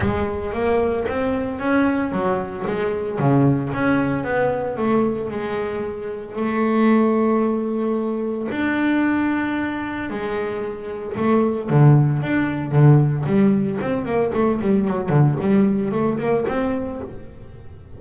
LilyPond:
\new Staff \with { instrumentName = "double bass" } { \time 4/4 \tempo 4 = 113 gis4 ais4 c'4 cis'4 | fis4 gis4 cis4 cis'4 | b4 a4 gis2 | a1 |
d'2. gis4~ | gis4 a4 d4 d'4 | d4 g4 c'8 ais8 a8 g8 | fis8 d8 g4 a8 ais8 c'4 | }